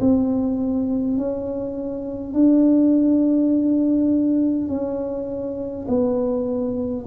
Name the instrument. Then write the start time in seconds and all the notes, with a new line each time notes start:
tuba
0.00 C4
1.18 C#4
2.34 D4
4.68 C#4
5.88 B3